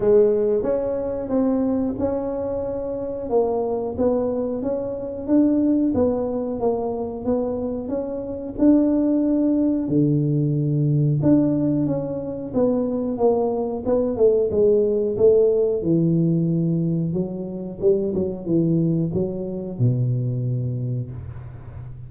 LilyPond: \new Staff \with { instrumentName = "tuba" } { \time 4/4 \tempo 4 = 91 gis4 cis'4 c'4 cis'4~ | cis'4 ais4 b4 cis'4 | d'4 b4 ais4 b4 | cis'4 d'2 d4~ |
d4 d'4 cis'4 b4 | ais4 b8 a8 gis4 a4 | e2 fis4 g8 fis8 | e4 fis4 b,2 | }